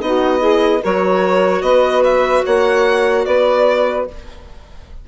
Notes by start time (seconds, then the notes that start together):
0.00 B3 D#4 F#4 D#5
0.39 E4 G#4
0.82 F#3 F#4 A#4 C#5
1.62 B3 B4 D#5
2.05 E5
2.44 A#3 C#5 F#5
3.26 B3 B4 D5